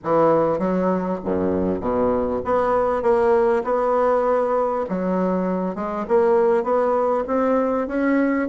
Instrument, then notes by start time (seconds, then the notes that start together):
bassoon
0.04 E3
0.58 F#3
1.24 F#2
1.80 B2
2.44 B3
3.02 A#3
3.64 B3
4.89 F#3
5.75 G#3
6.08 A#3
6.63 B3
7.27 C4
7.87 C#4